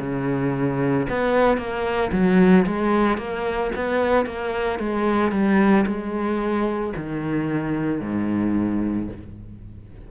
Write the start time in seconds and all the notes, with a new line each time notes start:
0.00 C#3
1.10 B3
1.58 A#3
2.12 F#3
2.66 G#3
3.18 A#3
3.76 B3
4.26 A#3
4.79 G#3
5.32 G3
5.86 G#3
6.96 D#3
8.01 G#2